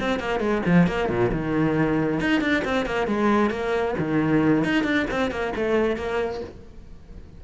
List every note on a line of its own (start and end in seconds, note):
0.00 0.19 C4
0.19 0.40 A#3
0.40 0.62 G#3
0.66 0.87 F3
0.87 1.09 A#3
1.09 1.31 A#2
1.32 2.20 D#3
2.20 2.41 D#4
2.41 2.63 D4
2.65 2.86 C4
2.86 3.07 A#3
3.07 3.50 G#3
3.50 3.95 A#3
3.99 4.64 D#3
4.64 4.84 D#4
4.84 5.06 D4
5.11 5.31 C4
5.31 5.53 A#3
5.56 5.96 A3
5.96 6.41 A#3